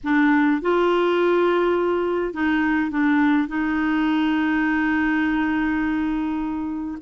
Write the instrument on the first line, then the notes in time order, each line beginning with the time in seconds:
clarinet
0.03 D4
0.61 F4
2.33 D#4
2.90 D4
3.48 D#4